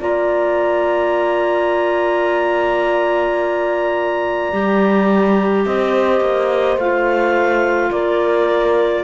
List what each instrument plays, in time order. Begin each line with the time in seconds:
0.00 cello A#3, clarinet F4 A#5, horn D5
4.52 cello G3, clarinet G4
5.66 cello C4, horn C5, clarinet D#5
6.21 cello A#3
6.77 cello A3, clarinet F4 F5
7.92 cello A#3, horn A#4, clarinet D5